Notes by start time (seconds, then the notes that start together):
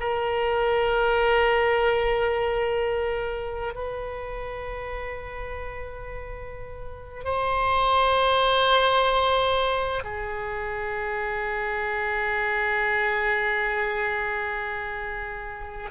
0.00 A#4
3.75 B4
7.24 C5
10.04 G#4